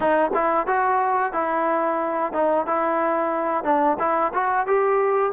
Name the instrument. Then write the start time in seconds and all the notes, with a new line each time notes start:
trombone
0.00 D#4
0.34 E4
0.67 F#4
1.32 E4
2.32 D#4
2.66 E4
3.64 D4
3.98 E4
4.33 F#4
4.67 G4